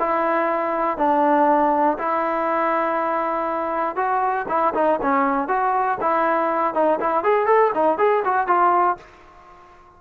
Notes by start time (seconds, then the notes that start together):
0.00 E4
0.98 D4
1.99 E4
3.96 F#4
4.49 E4
4.75 D#4
5.02 C#4
5.48 F#4
6.01 E4
6.74 D#4
7.00 E4
7.24 G#4
7.46 A4
7.75 D#4
7.98 G#4
8.25 F#4
8.47 F4